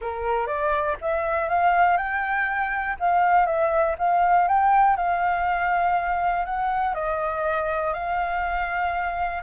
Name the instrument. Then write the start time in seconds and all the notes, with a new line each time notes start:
flute
0.01 A#4
0.47 D5
1.01 E5
1.48 F5
1.97 G5
2.99 F5
3.46 E5
3.98 F5
4.48 G5
4.96 F5
6.45 F#5
6.94 D#5
7.93 F5